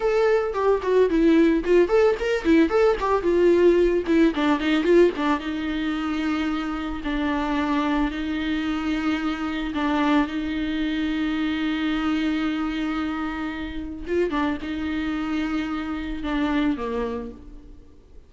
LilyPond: \new Staff \with { instrumentName = "viola" } { \time 4/4 \tempo 4 = 111 a'4 g'8 fis'8 e'4 f'8 a'8 | ais'8 e'8 a'8 g'8 f'4. e'8 | d'8 dis'8 f'8 d'8 dis'2~ | dis'4 d'2 dis'4~ |
dis'2 d'4 dis'4~ | dis'1~ | dis'2 f'8 d'8 dis'4~ | dis'2 d'4 ais4 | }